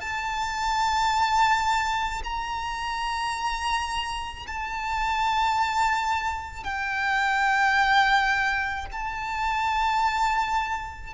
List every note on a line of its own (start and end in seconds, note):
0.00 2.22 A5
2.24 4.46 A#5
4.47 6.64 A5
6.64 8.86 G5
8.92 11.14 A5